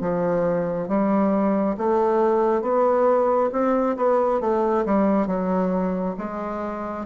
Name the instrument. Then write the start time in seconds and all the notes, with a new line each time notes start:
bassoon
0.00 F3
0.87 G3
1.77 A3
2.61 B3
3.52 C4
3.96 B3
4.40 A3
4.85 G3
5.27 F#3
6.17 G#3